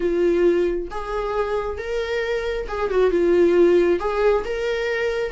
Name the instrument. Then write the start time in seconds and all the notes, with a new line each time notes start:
viola
0.00 F4
0.90 G#4
1.78 A#4
2.68 G#4
2.90 F#4
3.10 F4
3.99 G#4
4.44 A#4